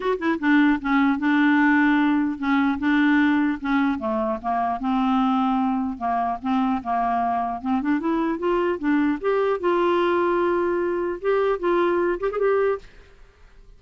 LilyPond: \new Staff \with { instrumentName = "clarinet" } { \time 4/4 \tempo 4 = 150 fis'8 e'8 d'4 cis'4 d'4~ | d'2 cis'4 d'4~ | d'4 cis'4 a4 ais4 | c'2. ais4 |
c'4 ais2 c'8 d'8 | e'4 f'4 d'4 g'4 | f'1 | g'4 f'4. g'16 gis'16 g'4 | }